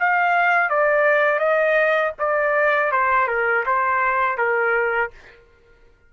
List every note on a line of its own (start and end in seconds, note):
0.00 0.70 F5
0.70 1.40 D5
1.40 2.13 D#5
2.19 2.92 D5
2.92 3.28 C5
3.28 3.65 A#4
3.66 4.38 C5
4.38 5.11 A#4